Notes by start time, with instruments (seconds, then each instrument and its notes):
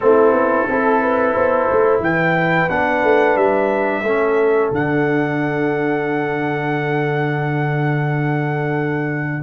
0.00 tuba A3, trombone C4, horn E4, trumpet A4
0.32 tuba B3
0.68 tuba C4, trombone E4, horn A4
1.02 horn B4
1.34 tuba B3, horn C5
1.71 tuba A3
1.99 tuba E3, horn B4, trumpet G5
2.69 tuba B3, trombone D4, trumpet F#5
3.03 tuba A3
3.36 tuba G3, trumpet E5
4.03 tuba A3, trombone C#4, horn A4
4.71 tuba D3, trombone D4, trumpet F#5